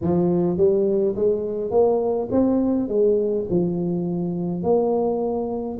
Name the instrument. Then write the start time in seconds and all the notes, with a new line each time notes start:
tuba
0.01 F3
0.57 G3
1.15 G#3
1.70 A#3
2.31 C4
2.88 G#3
3.49 F3
4.63 A#3